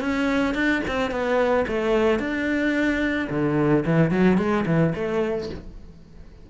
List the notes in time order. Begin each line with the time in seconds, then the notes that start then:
0.00 C#4
0.54 D4
0.88 C4
1.11 B3
1.68 A3
2.19 D4
3.30 D3
3.86 E3
4.11 F#3
4.38 G#3
4.66 E3
4.95 A3